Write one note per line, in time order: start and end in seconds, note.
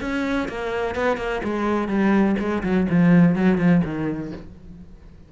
0.00 0.48 C#4
0.48 0.95 A#3
0.95 1.17 B3
1.17 1.41 A#3
1.43 1.88 G#3
1.88 2.35 G3
2.39 2.63 G#3
2.63 2.87 F#3
2.89 3.35 F3
3.35 3.58 F#3
3.58 3.81 F3
3.84 4.32 D#3